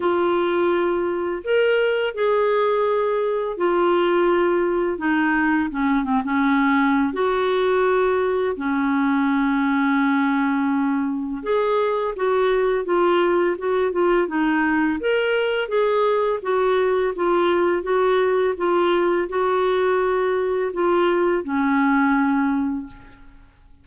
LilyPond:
\new Staff \with { instrumentName = "clarinet" } { \time 4/4 \tempo 4 = 84 f'2 ais'4 gis'4~ | gis'4 f'2 dis'4 | cis'8 c'16 cis'4~ cis'16 fis'2 | cis'1 |
gis'4 fis'4 f'4 fis'8 f'8 | dis'4 ais'4 gis'4 fis'4 | f'4 fis'4 f'4 fis'4~ | fis'4 f'4 cis'2 | }